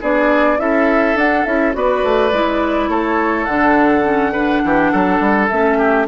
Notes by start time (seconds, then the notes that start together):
0.00 B3 D4 G#4 D5
0.58 C#4 E4 A4 E5
1.15 D4 F#5
1.44 C#4 E4 E5
1.72 B3 F#4 B4 D5
2.03 A3
2.32 G#3 E4
2.88 A3 A4 C#5
3.45 D3 D4 F#5
4.03 C#4
4.32 D4 B4
4.64 E3 G4
4.91 F#3 A4
5.20 G3
5.48 A3 C#4 E5
5.78 G4